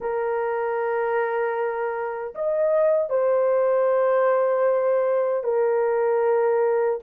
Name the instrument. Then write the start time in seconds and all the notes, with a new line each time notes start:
horn
0.00 A#4
2.34 D#5
3.09 C5
5.43 A#4